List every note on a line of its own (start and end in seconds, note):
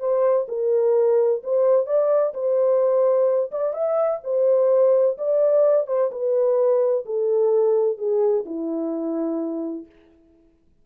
0.00 0.47 C5
0.49 1.42 A#4
1.43 1.86 C5
1.86 2.33 D5
2.34 3.51 C5
3.52 3.74 D5
3.74 4.21 E5
4.24 5.18 C5
5.18 5.87 D5
5.87 6.11 C5
6.12 7.05 B4
7.06 7.98 A4
7.98 8.45 G#4
8.46 9.86 E4